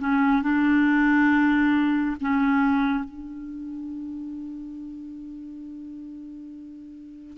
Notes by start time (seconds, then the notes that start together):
0.00 C#4
0.43 D4
2.21 C#4
3.04 D4